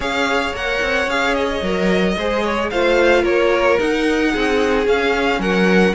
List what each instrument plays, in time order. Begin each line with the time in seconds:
0.00 cello C#4, viola G#4, violin C#5 F5
0.52 cello A#3, viola A#4, violin F#5
0.81 cello C4
1.06 cello C#4, viola G#4, violin F5
1.34 violin D#5
1.61 cello F#3, viola A#4
2.16 cello G#3, viola G#4, violin C5
2.43 violin C#5
2.70 cello A3, viola F4, violin C5 F5
3.22 cello A#3, violin A#4 C#5
3.79 viola D#4, cello D#4, violin F#5
4.32 cello C4, violin G#4
4.86 viola C#4, cello C#4, violin F5
5.38 cello F#3, violin A#4 F#5